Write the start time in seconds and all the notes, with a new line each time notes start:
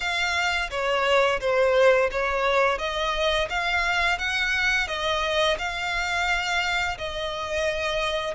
0.00 F5
0.70 C#5
1.40 C5
2.11 C#5
2.78 D#5
3.49 F5
4.18 F#5
4.87 D#5
5.58 F5
6.98 D#5